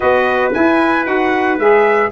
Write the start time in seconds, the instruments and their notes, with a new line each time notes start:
0.00 tuba B3, saxophone F#4, trumpet B4 D#5
0.53 saxophone E4, tuba E4, trumpet G#5
1.05 tuba D#4, saxophone F#4, trumpet F#5
1.58 tuba G#3, saxophone G#4, trumpet E5